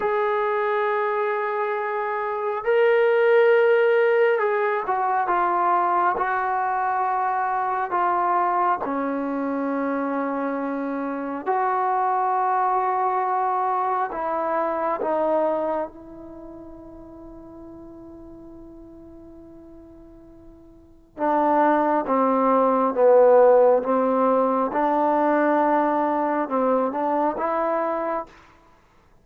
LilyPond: \new Staff \with { instrumentName = "trombone" } { \time 4/4 \tempo 4 = 68 gis'2. ais'4~ | ais'4 gis'8 fis'8 f'4 fis'4~ | fis'4 f'4 cis'2~ | cis'4 fis'2. |
e'4 dis'4 e'2~ | e'1 | d'4 c'4 b4 c'4 | d'2 c'8 d'8 e'4 | }